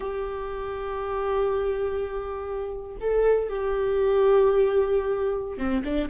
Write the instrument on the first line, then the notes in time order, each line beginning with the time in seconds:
viola
0.00 G4
3.00 A4
3.49 G4
5.57 C4
5.84 D4